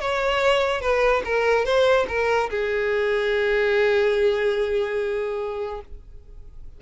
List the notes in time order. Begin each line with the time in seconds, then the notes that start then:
0.00 C#5
0.81 B4
1.25 A#4
1.65 C5
2.08 A#4
2.50 G#4